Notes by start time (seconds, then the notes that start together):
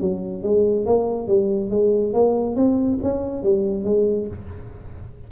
0.00 F#3
0.43 G#3
0.85 A#3
1.27 G3
1.70 G#3
2.13 A#3
2.55 C4
3.02 C#4
3.42 G3
3.84 G#3